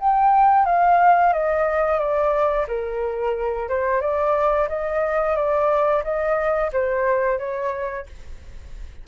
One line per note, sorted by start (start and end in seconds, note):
0.00 0.66 G5
0.66 1.33 F5
1.33 1.99 D#5
1.99 2.67 D5
2.68 3.69 A#4
3.69 4.01 C5
4.01 4.69 D5
4.69 5.36 D#5
5.36 6.03 D5
6.04 6.71 D#5
6.73 7.39 C5
7.39 8.07 C#5